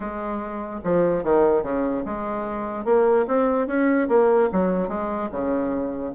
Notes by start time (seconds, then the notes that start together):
0.00 G#3
0.84 F3
1.23 D#3
1.62 C#3
2.05 G#3
2.84 A#3
3.27 C4
3.67 C#4
4.08 A#3
4.52 F#3
4.88 G#3
5.31 C#3